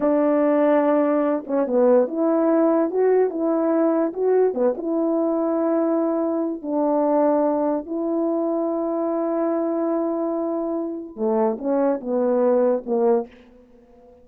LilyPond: \new Staff \with { instrumentName = "horn" } { \time 4/4 \tempo 4 = 145 d'2.~ d'8 cis'8 | b4 e'2 fis'4 | e'2 fis'4 b8 e'8~ | e'1 |
d'2. e'4~ | e'1~ | e'2. a4 | cis'4 b2 ais4 | }